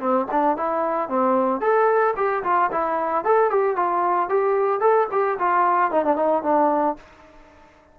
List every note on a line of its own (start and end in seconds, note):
0.00 0.27 C4
0.32 0.57 D4
0.57 1.09 E4
1.09 1.61 C4
1.61 2.15 A4
2.17 2.44 G4
2.44 2.71 F4
2.72 3.25 E4
3.25 3.51 A4
3.51 3.76 G4
3.76 4.30 F4
4.30 4.81 G4
4.81 5.08 A4
5.12 5.39 G4
5.39 5.92 F4
5.92 6.05 D#4
6.05 6.17 D4
6.17 6.43 D#4
6.43 6.97 D4